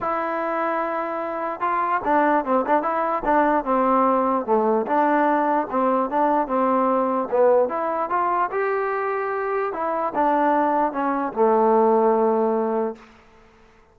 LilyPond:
\new Staff \with { instrumentName = "trombone" } { \time 4/4 \tempo 4 = 148 e'1 | f'4 d'4 c'8 d'8 e'4 | d'4 c'2 a4 | d'2 c'4 d'4 |
c'2 b4 e'4 | f'4 g'2. | e'4 d'2 cis'4 | a1 | }